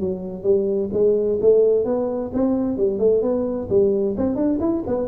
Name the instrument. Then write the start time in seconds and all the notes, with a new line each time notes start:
tuba
0.00 F#3
0.43 G3
0.93 G#3
1.41 A3
1.85 B3
2.33 C4
2.78 G3
2.99 A3
3.22 B3
3.69 G3
4.17 C4
4.36 D4
4.60 E4
4.87 B3